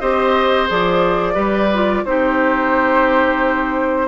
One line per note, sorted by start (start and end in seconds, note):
0.00 0.70 C4
0.00 0.68 G4
0.00 1.34 C5
0.00 0.68 D#5
0.68 1.35 F3
0.68 1.34 G#4
0.68 2.05 D5
1.34 2.03 G3
1.34 1.68 G4
1.34 2.02 B4
1.74 2.06 F4
2.05 4.08 C4
2.05 4.08 D#4
2.05 4.08 G4
2.05 4.08 C5